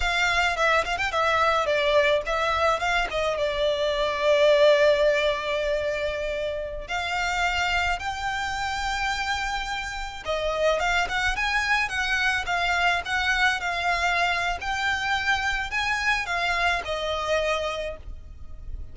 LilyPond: \new Staff \with { instrumentName = "violin" } { \time 4/4 \tempo 4 = 107 f''4 e''8 f''16 g''16 e''4 d''4 | e''4 f''8 dis''8 d''2~ | d''1~ | d''16 f''2 g''4.~ g''16~ |
g''2~ g''16 dis''4 f''8 fis''16~ | fis''16 gis''4 fis''4 f''4 fis''8.~ | fis''16 f''4.~ f''16 g''2 | gis''4 f''4 dis''2 | }